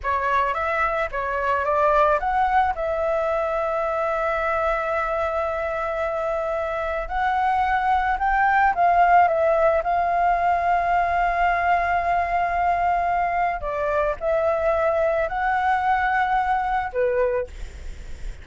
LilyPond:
\new Staff \with { instrumentName = "flute" } { \time 4/4 \tempo 4 = 110 cis''4 e''4 cis''4 d''4 | fis''4 e''2.~ | e''1~ | e''4 fis''2 g''4 |
f''4 e''4 f''2~ | f''1~ | f''4 d''4 e''2 | fis''2. b'4 | }